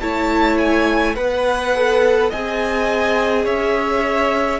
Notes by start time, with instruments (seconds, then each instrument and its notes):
0.00 cello A3, viola E4, violin C#5 A5
0.57 violin G#5
1.15 cello B3, violin B4 F#5, viola B4
1.75 viola A4
2.29 cello C4, viola G#4, violin D#5 G#5
3.44 cello C#4, violin C#5 E5